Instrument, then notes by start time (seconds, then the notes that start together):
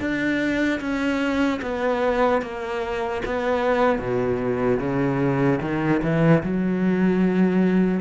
cello
0.00 D4
0.80 C#4
1.62 B3
2.42 A#3
3.25 B3
3.99 B2
4.79 C#3
5.61 D#3
6.03 E3
6.43 F#3